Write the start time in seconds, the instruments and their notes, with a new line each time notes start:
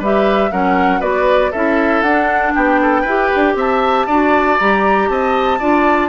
0.00 bassoon G3, clarinet G4, oboe B4, flute E5
0.52 bassoon F#3, clarinet C#4, oboe A#4, flute F#5
1.00 bassoon B3, clarinet F#4, oboe B4, flute D5
1.51 bassoon C#4, clarinet E4, oboe A4, flute E5
2.02 bassoon D4, clarinet D4, flute F#5
2.55 bassoon B3, oboe G4, flute G5
2.82 oboe A4
3.02 bassoon E4, clarinet G4, oboe B4
3.36 bassoon D4
3.56 bassoon C4, oboe E5, flute A5
4.07 bassoon D4, clarinet F#4, oboe D5
4.58 bassoon G3, clarinet G4, flute A#5
5.10 bassoon C4, oboe D#5, flute A5
5.60 bassoon D4, clarinet F4, oboe D5